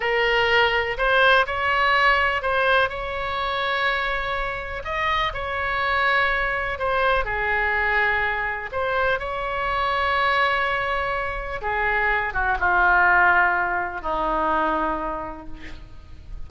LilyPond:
\new Staff \with { instrumentName = "oboe" } { \time 4/4 \tempo 4 = 124 ais'2 c''4 cis''4~ | cis''4 c''4 cis''2~ | cis''2 dis''4 cis''4~ | cis''2 c''4 gis'4~ |
gis'2 c''4 cis''4~ | cis''1 | gis'4. fis'8 f'2~ | f'4 dis'2. | }